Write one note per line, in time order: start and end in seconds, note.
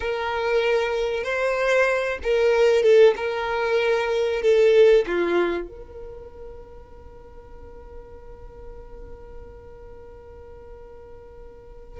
0.00 1.23 A#4
1.23 2.18 C5
2.23 2.82 A#4
2.82 3.14 A4
3.16 4.42 A#4
4.42 5.05 A4
5.06 5.68 F4
5.68 12.00 A#4